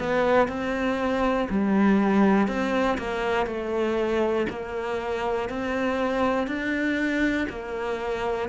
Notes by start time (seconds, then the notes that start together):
0.00 B3
0.49 C4
1.50 G3
2.48 C4
2.98 A#3
3.46 A3
4.50 A#3
5.50 C4
6.47 D4
7.49 A#3